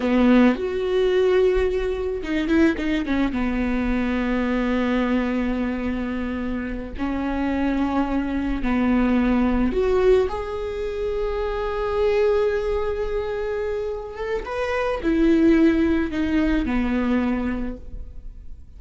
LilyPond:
\new Staff \with { instrumentName = "viola" } { \time 4/4 \tempo 4 = 108 b4 fis'2. | dis'8 e'8 dis'8 cis'8 b2~ | b1~ | b8 cis'2. b8~ |
b4. fis'4 gis'4.~ | gis'1~ | gis'4. a'8 b'4 e'4~ | e'4 dis'4 b2 | }